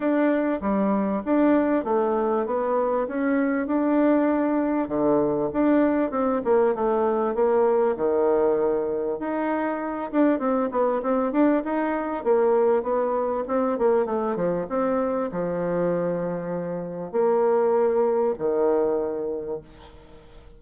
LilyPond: \new Staff \with { instrumentName = "bassoon" } { \time 4/4 \tempo 4 = 98 d'4 g4 d'4 a4 | b4 cis'4 d'2 | d4 d'4 c'8 ais8 a4 | ais4 dis2 dis'4~ |
dis'8 d'8 c'8 b8 c'8 d'8 dis'4 | ais4 b4 c'8 ais8 a8 f8 | c'4 f2. | ais2 dis2 | }